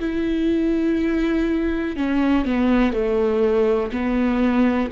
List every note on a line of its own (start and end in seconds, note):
0.00 1.96 E4
1.96 2.45 C#4
2.45 2.93 B3
2.93 3.91 A3
3.92 4.90 B3